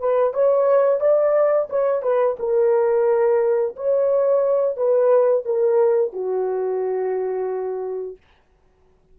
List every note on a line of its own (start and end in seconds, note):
0.00 0.34 B4
0.34 1.01 C#5
1.01 1.69 D5
1.70 2.03 C#5
2.03 2.37 B4
2.40 3.76 A#4
3.76 4.77 C#5
4.77 5.45 B4
5.46 6.13 A#4
6.13 8.18 F#4